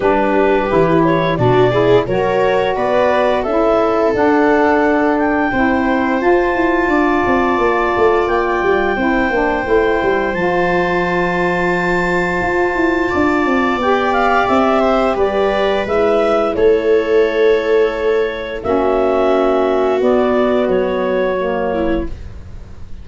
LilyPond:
<<
  \new Staff \with { instrumentName = "clarinet" } { \time 4/4 \tempo 4 = 87 b'4. cis''8 d''4 cis''4 | d''4 e''4 fis''4. g''8~ | g''4 a''2. | g''2. a''4~ |
a''1 | g''8 f''8 e''4 d''4 e''4 | cis''2. e''4~ | e''4 d''4 cis''2 | }
  \new Staff \with { instrumentName = "viola" } { \time 4/4 g'2 fis'8 gis'8 ais'4 | b'4 a'2. | c''2 d''2~ | d''4 c''2.~ |
c''2. d''4~ | d''4. c''8 b'2 | a'2. fis'4~ | fis'2.~ fis'8 e'8 | }
  \new Staff \with { instrumentName = "saxophone" } { \time 4/4 d'4 e'4 d'8 e'8 fis'4~ | fis'4 e'4 d'2 | e'4 f'2.~ | f'4 e'8 d'8 e'4 f'4~ |
f'1 | g'2. e'4~ | e'2. cis'4~ | cis'4 b2 ais4 | }
  \new Staff \with { instrumentName = "tuba" } { \time 4/4 g4 e4 b,4 fis4 | b4 cis'4 d'2 | c'4 f'8 e'8 d'8 c'8 ais8 a8 | ais8 g8 c'8 ais8 a8 g8 f4~ |
f2 f'8 e'8 d'8 c'8 | b4 c'4 g4 gis4 | a2. ais4~ | ais4 b4 fis2 | }
>>